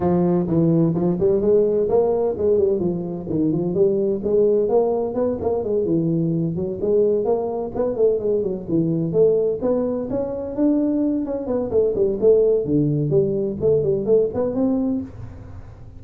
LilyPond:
\new Staff \with { instrumentName = "tuba" } { \time 4/4 \tempo 4 = 128 f4 e4 f8 g8 gis4 | ais4 gis8 g8 f4 dis8 f8 | g4 gis4 ais4 b8 ais8 | gis8 e4. fis8 gis4 ais8~ |
ais8 b8 a8 gis8 fis8 e4 a8~ | a8 b4 cis'4 d'4. | cis'8 b8 a8 g8 a4 d4 | g4 a8 g8 a8 b8 c'4 | }